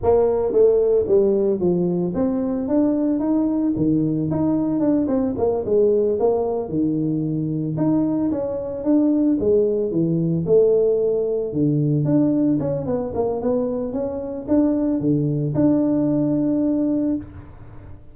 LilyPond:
\new Staff \with { instrumentName = "tuba" } { \time 4/4 \tempo 4 = 112 ais4 a4 g4 f4 | c'4 d'4 dis'4 dis4 | dis'4 d'8 c'8 ais8 gis4 ais8~ | ais8 dis2 dis'4 cis'8~ |
cis'8 d'4 gis4 e4 a8~ | a4. d4 d'4 cis'8 | b8 ais8 b4 cis'4 d'4 | d4 d'2. | }